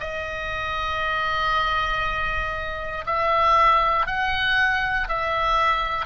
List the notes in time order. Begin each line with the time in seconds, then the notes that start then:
0.00 D#5
3.06 E5
4.06 F#5
5.08 E5